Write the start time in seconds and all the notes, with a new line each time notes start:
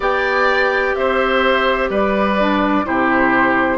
0.00 B3 G4 D5 G5
0.95 C4 C5 E5
1.89 G3 B4 D5
2.39 D4
2.84 C3 E4 G4 C5